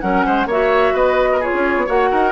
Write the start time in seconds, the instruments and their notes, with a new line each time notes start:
0.00 bassoon F#3, clarinet C#4, oboe A#4, flute F#5
0.25 bassoon G#3, oboe C5
0.45 bassoon A#3, clarinet F#4, oboe C#5, flute E5
0.92 bassoon B3, oboe B4, flute D#5
1.32 oboe A#4
1.40 clarinet F4, oboe G#4, flute C#5
1.53 bassoon C#4
1.76 bassoon B3
1.86 bassoon A#3, clarinet F#4, oboe C#5, flute F#5
2.10 bassoon D#4, oboe A#4